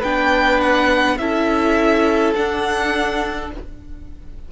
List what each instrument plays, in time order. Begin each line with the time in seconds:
0.00 cello B3, viola D4, violin B4 G5
0.61 violin F#5
1.19 cello C#4, viola E4, violin A4 E5
2.36 cello D4, viola D4, violin F#5